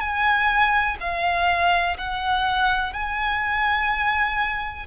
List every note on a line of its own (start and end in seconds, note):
0.00 0.97 G#5
1.00 1.97 F5
1.97 2.93 F#5
2.93 4.86 G#5